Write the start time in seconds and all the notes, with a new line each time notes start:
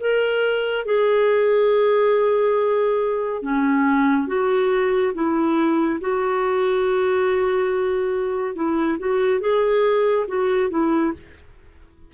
0.00 A#4
0.86 G#4
3.42 C#4
4.28 F#4
5.14 E4
6.01 F#4
8.56 E4
8.99 F#4
9.41 G#4
10.28 F#4
10.70 E4